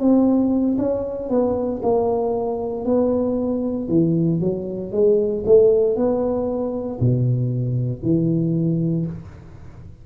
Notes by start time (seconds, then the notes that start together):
0.00 C4
0.79 C#4
1.30 B3
1.83 A#3
2.85 B3
3.89 E3
4.41 F#3
4.92 G#3
5.46 A3
5.97 B3
7.01 B2
8.03 E3